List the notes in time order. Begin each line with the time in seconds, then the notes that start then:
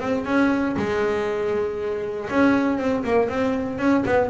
0.00 C4
0.25 C#4
0.77 G#3
2.30 C#4
2.79 C4
3.04 A#3
3.30 C4
3.79 C#4
4.06 B3